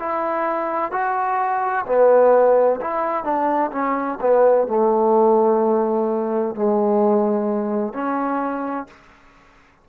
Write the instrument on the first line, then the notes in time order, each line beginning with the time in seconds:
trombone
0.00 E4
0.92 F#4
1.87 B3
2.81 E4
3.24 D4
3.72 C#4
4.21 B3
4.68 A3
6.55 G#3
7.94 C#4